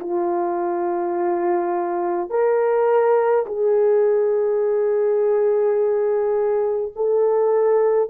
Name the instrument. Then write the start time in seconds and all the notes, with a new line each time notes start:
horn
0.00 F4
2.30 A#4
3.46 G#4
6.95 A4